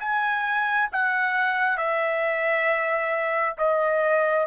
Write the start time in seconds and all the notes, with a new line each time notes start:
0.00 G#5
0.92 F#5
1.77 E5
3.58 D#5